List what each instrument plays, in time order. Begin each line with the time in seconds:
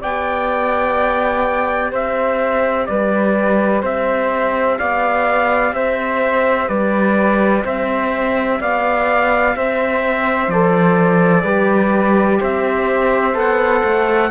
0.00 cello B3, trombone G4, flute D5, trumpet G5
1.91 cello C4, flute C5, trumpet E5
2.86 cello G3, flute B4, trumpet D5
3.81 cello C4, flute C5, trumpet E5
4.78 cello B3, flute D5, trumpet F5
5.72 cello C4, flute C5, trumpet E5
6.68 cello G3, flute B4, trumpet D5
7.64 cello C4, flute C5, trumpet E5
8.60 cello B3, flute D5, trumpet F5
9.56 cello C4, flute C5, trumpet E5
10.47 cello F3, trombone A4, trumpet D5
11.43 cello G3, trombone G4, flute B4
12.39 cello C4, flute C5, trumpet E5
13.34 cello B3, trombone A4, trumpet F#5
13.83 cello A3